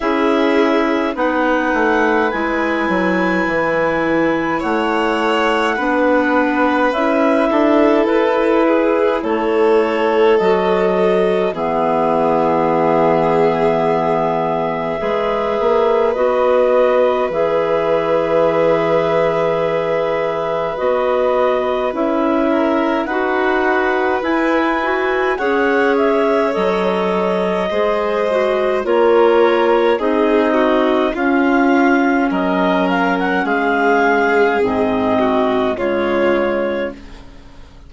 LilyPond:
<<
  \new Staff \with { instrumentName = "clarinet" } { \time 4/4 \tempo 4 = 52 e''4 fis''4 gis''2 | fis''2 e''4 b'4 | cis''4 dis''4 e''2~ | e''2 dis''4 e''4~ |
e''2 dis''4 e''4 | fis''4 gis''4 fis''8 e''8 dis''4~ | dis''4 cis''4 dis''4 f''4 | dis''8 f''16 fis''16 f''4 dis''4 cis''4 | }
  \new Staff \with { instrumentName = "violin" } { \time 4/4 gis'4 b'2. | cis''4 b'4. a'4 gis'8 | a'2 gis'2~ | gis'4 b'2.~ |
b'2.~ b'8 ais'8 | b'2 cis''2 | c''4 ais'4 gis'8 fis'8 f'4 | ais'4 gis'4. fis'8 f'4 | }
  \new Staff \with { instrumentName = "clarinet" } { \time 4/4 e'4 dis'4 e'2~ | e'4 d'4 e'2~ | e'4 fis'4 b2~ | b4 gis'4 fis'4 gis'4~ |
gis'2 fis'4 e'4 | fis'4 e'8 fis'8 gis'4 a'4 | gis'8 fis'8 f'4 dis'4 cis'4~ | cis'2 c'4 gis4 | }
  \new Staff \with { instrumentName = "bassoon" } { \time 4/4 cis'4 b8 a8 gis8 fis8 e4 | a4 b4 cis'8 d'8 e'4 | a4 fis4 e2~ | e4 gis8 ais8 b4 e4~ |
e2 b4 cis'4 | dis'4 e'4 cis'4 fis4 | gis4 ais4 c'4 cis'4 | fis4 gis4 gis,4 cis4 | }
>>